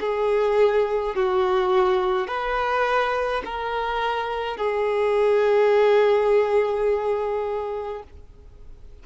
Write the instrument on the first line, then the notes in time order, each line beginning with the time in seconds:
violin
0.00 G#4
1.15 F#4
2.27 B4
3.45 A#4
4.57 G#4